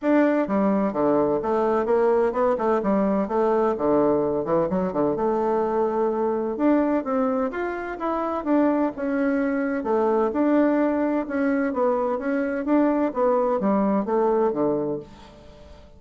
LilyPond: \new Staff \with { instrumentName = "bassoon" } { \time 4/4 \tempo 4 = 128 d'4 g4 d4 a4 | ais4 b8 a8 g4 a4 | d4. e8 fis8 d8 a4~ | a2 d'4 c'4 |
f'4 e'4 d'4 cis'4~ | cis'4 a4 d'2 | cis'4 b4 cis'4 d'4 | b4 g4 a4 d4 | }